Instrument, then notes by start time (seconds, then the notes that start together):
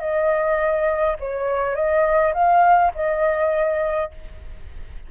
flute
0.00 D#5
1.20 C#5
1.75 D#5
2.34 F5
2.95 D#5